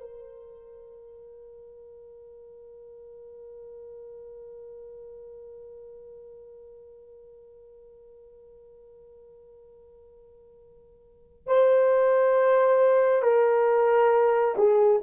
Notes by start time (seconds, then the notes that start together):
0.00 A#4
11.47 C5
13.22 A#4
14.57 G#4